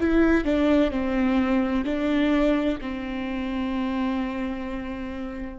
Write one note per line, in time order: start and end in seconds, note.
0.00 0.44 E4
0.44 0.91 D4
0.91 1.85 C4
1.85 2.78 D4
2.81 5.59 C4